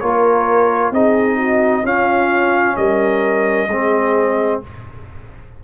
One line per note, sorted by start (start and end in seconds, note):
0.00 0.92 A#3
0.00 0.94 F4
0.00 0.94 A#4
0.00 0.92 C#5
0.92 1.84 C4
0.92 1.84 D#4
0.92 1.37 G#4
0.92 1.86 D#5
1.37 1.83 F#4
1.84 2.76 C#4
1.84 3.69 C#4
1.84 2.77 F4
1.84 2.77 F5
2.77 3.68 G3
2.77 3.70 A#4
2.77 4.62 D#5
3.68 4.60 G#3
3.68 4.64 C4
3.68 4.63 G#4